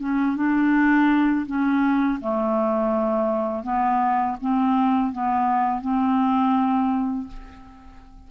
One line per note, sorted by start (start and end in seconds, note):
0.00 0.36 C#4
0.36 1.46 D4
1.46 2.20 C#4
2.21 3.64 A3
3.64 4.37 B3
4.41 5.12 C4
5.12 5.81 B3
5.81 7.28 C4